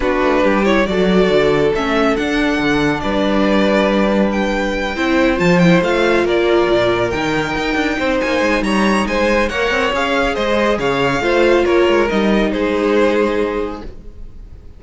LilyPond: <<
  \new Staff \with { instrumentName = "violin" } { \time 4/4 \tempo 4 = 139 b'4. cis''8 d''2 | e''4 fis''2 d''4~ | d''2 g''2~ | g''8 a''8 g''8 f''4 d''4.~ |
d''8 g''2~ g''8 gis''4 | ais''4 gis''4 fis''4 f''4 | dis''4 f''2 cis''4 | dis''4 c''2. | }
  \new Staff \with { instrumentName = "violin" } { \time 4/4 fis'4 g'4 a'2~ | a'2. b'4~ | b'2.~ b'8 c''8~ | c''2~ c''8 ais'4.~ |
ais'2~ ais'8 c''4. | cis''4 c''4 cis''2 | c''4 cis''4 c''4 ais'4~ | ais'4 gis'2. | }
  \new Staff \with { instrumentName = "viola" } { \time 4/4 d'4. e'8 fis'2 | cis'4 d'2.~ | d'2.~ d'8 e'8~ | e'8 f'8 e'8 f'2~ f'8~ |
f'8 dis'2.~ dis'8~ | dis'2 ais'4 gis'4~ | gis'2 f'2 | dis'1 | }
  \new Staff \with { instrumentName = "cello" } { \time 4/4 b8 a8 g4 fis4 d4 | a4 d'4 d4 g4~ | g2.~ g8 c'8~ | c'8 f4 a4 ais4 ais,8~ |
ais,8 dis4 dis'8 d'8 c'8 ais8 gis8 | g4 gis4 ais8 c'8 cis'4 | gis4 cis4 a4 ais8 gis8 | g4 gis2. | }
>>